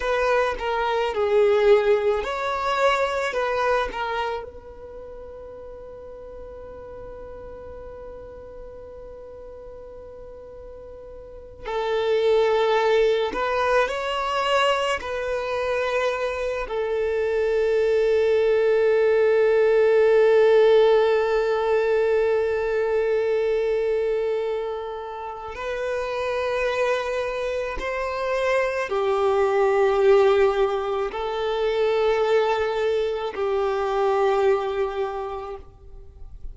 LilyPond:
\new Staff \with { instrumentName = "violin" } { \time 4/4 \tempo 4 = 54 b'8 ais'8 gis'4 cis''4 b'8 ais'8 | b'1~ | b'2~ b'8 a'4. | b'8 cis''4 b'4. a'4~ |
a'1~ | a'2. b'4~ | b'4 c''4 g'2 | a'2 g'2 | }